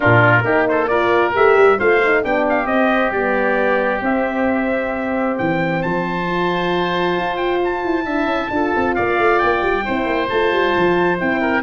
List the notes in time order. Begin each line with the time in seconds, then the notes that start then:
0.00 A#2 D4 F4 A#4
0.43 A#3 D#4 G4
0.68 A4 C5
0.87 F4 A#4 D5
1.33 A3 G4 E5
1.57 G3
1.78 A3 F4 C5 F5
2.04 D#4
2.23 B3 D4 G4 G5
2.49 F5
2.65 C4 D#5
2.72 C4
3.10 G3 B3 D5
4.01 C4 E5
5.38 E3 G5
5.80 F3 C5 A5
6.26 F4
7.18 F4
7.36 G5
7.63 A5
7.84 E4
8.05 D4 E4 E5
8.25 C#4
8.49 D4 F4 A4
8.76 C4
8.94 A#3 D5 F5
9.18 A3
9.39 A#3 G5
9.62 G3
9.84 C4 E4 C5
10.05 A#3
10.29 A3 F4 A5
10.52 G3
10.77 F3
11.17 C4 E4 G5
11.41 A#4